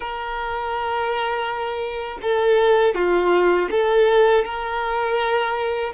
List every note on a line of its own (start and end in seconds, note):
0.00 2.18 A#4
2.22 2.94 A4
2.94 3.68 F4
3.70 4.44 A4
4.44 5.93 A#4